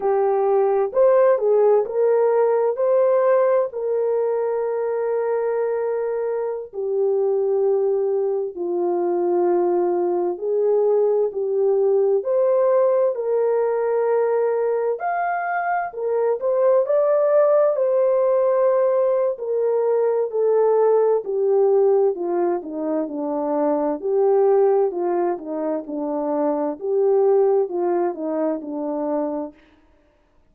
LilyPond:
\new Staff \with { instrumentName = "horn" } { \time 4/4 \tempo 4 = 65 g'4 c''8 gis'8 ais'4 c''4 | ais'2.~ ais'16 g'8.~ | g'4~ g'16 f'2 gis'8.~ | gis'16 g'4 c''4 ais'4.~ ais'16~ |
ais'16 f''4 ais'8 c''8 d''4 c''8.~ | c''4 ais'4 a'4 g'4 | f'8 dis'8 d'4 g'4 f'8 dis'8 | d'4 g'4 f'8 dis'8 d'4 | }